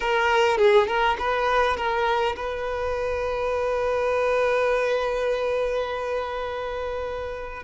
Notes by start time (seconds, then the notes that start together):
0.00 A#4
0.57 G#4
0.87 A#4
1.18 B4
1.76 A#4
2.35 B4